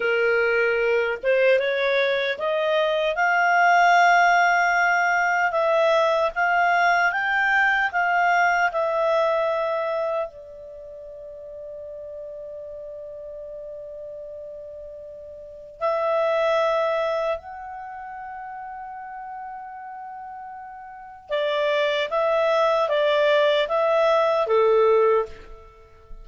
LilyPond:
\new Staff \with { instrumentName = "clarinet" } { \time 4/4 \tempo 4 = 76 ais'4. c''8 cis''4 dis''4 | f''2. e''4 | f''4 g''4 f''4 e''4~ | e''4 d''2.~ |
d''1 | e''2 fis''2~ | fis''2. d''4 | e''4 d''4 e''4 a'4 | }